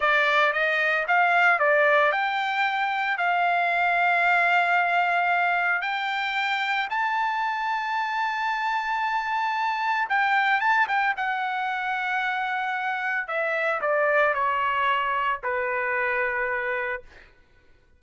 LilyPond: \new Staff \with { instrumentName = "trumpet" } { \time 4/4 \tempo 4 = 113 d''4 dis''4 f''4 d''4 | g''2 f''2~ | f''2. g''4~ | g''4 a''2.~ |
a''2. g''4 | a''8 g''8 fis''2.~ | fis''4 e''4 d''4 cis''4~ | cis''4 b'2. | }